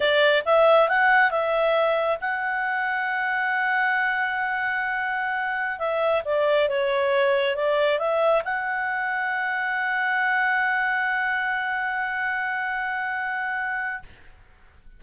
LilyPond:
\new Staff \with { instrumentName = "clarinet" } { \time 4/4 \tempo 4 = 137 d''4 e''4 fis''4 e''4~ | e''4 fis''2.~ | fis''1~ | fis''4~ fis''16 e''4 d''4 cis''8.~ |
cis''4~ cis''16 d''4 e''4 fis''8.~ | fis''1~ | fis''1~ | fis''1 | }